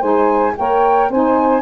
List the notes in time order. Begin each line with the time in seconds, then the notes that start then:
0.00 G#3 D#4 C5 G#5
0.58 A#3 A#4 C#5 G5
1.09 C4 D#4 C5 G#5